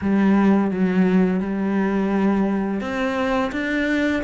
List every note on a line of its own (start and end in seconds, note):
0.01 0.71 G3
0.71 1.40 F#3
1.40 2.80 G3
2.80 3.51 C4
3.52 4.22 D4